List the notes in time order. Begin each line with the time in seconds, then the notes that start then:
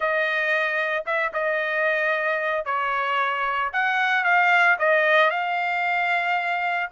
0.00 D#5
1.06 E5
1.33 D#5
2.65 C#5
3.72 F#5
4.24 F5
4.78 D#5
5.30 F5